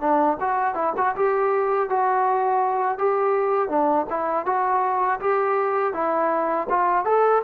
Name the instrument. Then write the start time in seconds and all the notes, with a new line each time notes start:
trombone
0.00 D4
0.40 F#4
0.74 E4
0.97 F#4
1.16 G4
1.89 F#4
2.98 G4
3.69 D4
4.09 E4
4.45 F#4
5.20 G4
5.93 E4
6.69 F4
7.05 A4